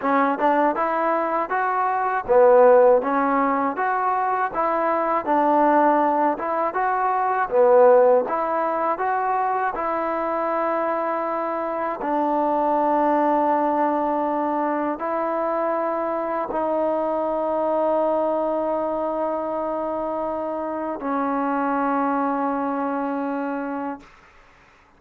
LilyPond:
\new Staff \with { instrumentName = "trombone" } { \time 4/4 \tempo 4 = 80 cis'8 d'8 e'4 fis'4 b4 | cis'4 fis'4 e'4 d'4~ | d'8 e'8 fis'4 b4 e'4 | fis'4 e'2. |
d'1 | e'2 dis'2~ | dis'1 | cis'1 | }